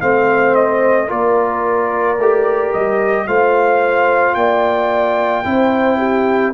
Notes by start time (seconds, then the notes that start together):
0.00 A3 C4 C5 F5
0.55 D#5
1.08 A#3 F4 A#4 D5
2.19 A3 G4
2.73 G3 D#5
3.27 A3 F4 C5 F5
4.35 A#3 D5 G5
5.45 C4 E4 C5
5.98 G4